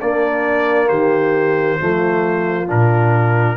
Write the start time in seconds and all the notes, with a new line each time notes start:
0.00 A#3 D4 D5
0.89 D#3 G4 C5
1.80 F3 A3 F4
2.67 A#2 D4 A#4